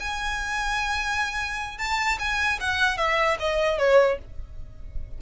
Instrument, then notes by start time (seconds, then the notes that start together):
violin
0.00 G#5
1.78 A5
2.19 G#5
2.61 F#5
2.97 E5
3.40 D#5
3.79 C#5